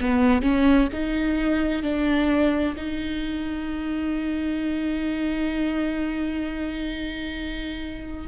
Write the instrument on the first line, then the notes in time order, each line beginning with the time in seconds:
viola
0.00 B3
0.42 C#4
0.93 D#4
1.83 D4
2.77 D#4